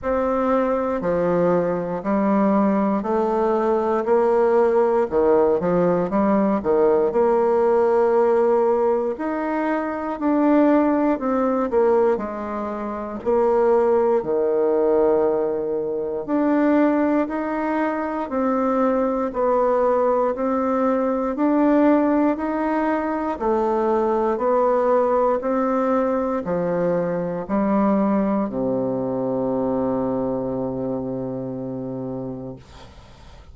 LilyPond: \new Staff \with { instrumentName = "bassoon" } { \time 4/4 \tempo 4 = 59 c'4 f4 g4 a4 | ais4 dis8 f8 g8 dis8 ais4~ | ais4 dis'4 d'4 c'8 ais8 | gis4 ais4 dis2 |
d'4 dis'4 c'4 b4 | c'4 d'4 dis'4 a4 | b4 c'4 f4 g4 | c1 | }